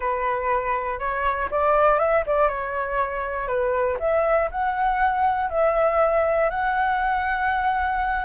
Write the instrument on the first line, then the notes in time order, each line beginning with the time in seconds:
flute
0.00 B4
0.99 C#5
1.50 D5
1.99 E5
2.26 D5
2.48 C#5
3.47 B4
3.99 E5
4.51 F#5
5.50 E5
6.50 F#5